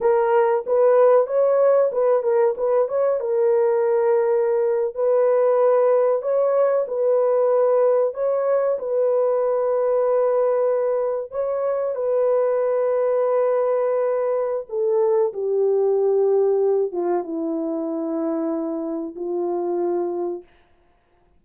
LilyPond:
\new Staff \with { instrumentName = "horn" } { \time 4/4 \tempo 4 = 94 ais'4 b'4 cis''4 b'8 ais'8 | b'8 cis''8 ais'2~ ais'8. b'16~ | b'4.~ b'16 cis''4 b'4~ b'16~ | b'8. cis''4 b'2~ b'16~ |
b'4.~ b'16 cis''4 b'4~ b'16~ | b'2. a'4 | g'2~ g'8 f'8 e'4~ | e'2 f'2 | }